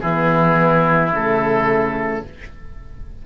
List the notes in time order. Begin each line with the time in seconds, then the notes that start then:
0.00 E3 B3 E4 G#4
1.12 C#3 A3 A4